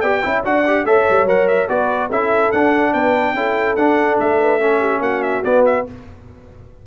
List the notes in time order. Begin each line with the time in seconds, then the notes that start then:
0.00 B3 G4 D5 G5
0.22 C#4 E4 E5
0.44 D4 F#4 D5 F#5
0.66 G4
0.84 A3 A4 C#5 E5
1.09 G3
1.25 F#3 A#4 F#5
1.47 E5
1.68 B3 F#4 B4 D5
2.09 C#4 E4 A4 E5
2.51 D4 F#5
2.93 B3 B4 G5
3.34 C#4 E4 A4
3.76 D4 F#5
4.19 A3 E5
4.39 B4
4.59 C#4 A4
4.79 G4
4.99 A#3 F#4 F#5
5.22 E5
5.44 B3 D5
5.65 E5